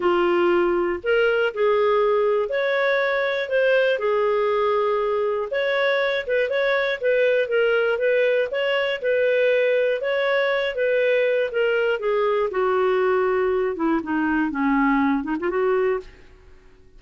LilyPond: \new Staff \with { instrumentName = "clarinet" } { \time 4/4 \tempo 4 = 120 f'2 ais'4 gis'4~ | gis'4 cis''2 c''4 | gis'2. cis''4~ | cis''8 b'8 cis''4 b'4 ais'4 |
b'4 cis''4 b'2 | cis''4. b'4. ais'4 | gis'4 fis'2~ fis'8 e'8 | dis'4 cis'4. dis'16 f'16 fis'4 | }